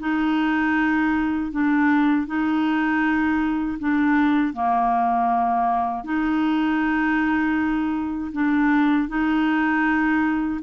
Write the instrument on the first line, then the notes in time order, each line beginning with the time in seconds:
clarinet
0.00 D#4
1.52 D4
2.27 D#4
3.79 D4
4.54 A#3
6.04 D#4
8.33 D4
9.09 D#4